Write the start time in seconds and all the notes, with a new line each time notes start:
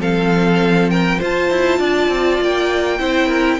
0.00 F3 C4 A4 F5
0.90 A#4 G5
1.19 F4 C5 A5
1.51 E4
1.79 D4 D5
2.09 C4
2.41 A#3 G5
3.00 C4 E4 C5
3.28 A#4